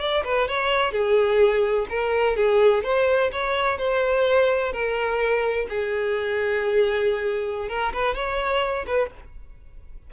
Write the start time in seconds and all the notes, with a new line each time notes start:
0.00 D5
0.24 B4
0.48 C#5
0.92 G#4
1.89 A#4
2.36 G#4
2.83 C5
3.32 C#5
3.78 C5
4.72 A#4
5.69 G#4
7.69 A#4
7.93 B4
8.15 C#5
8.86 B4